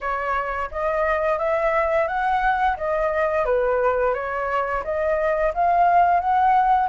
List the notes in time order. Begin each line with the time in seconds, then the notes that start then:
0.00 C#5
0.71 D#5
1.38 E5
2.07 F#5
2.76 D#5
3.45 B4
4.14 C#5
4.84 D#5
5.53 F5
6.19 F#5